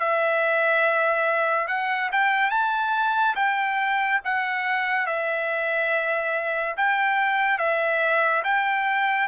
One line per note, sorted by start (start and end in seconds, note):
0.00 1.68 E5
1.68 2.10 F#5
2.13 2.51 G5
2.51 3.36 A5
3.36 4.21 G5
4.25 5.07 F#5
5.07 6.76 E5
6.77 7.59 G5
7.59 8.43 E5
8.44 9.29 G5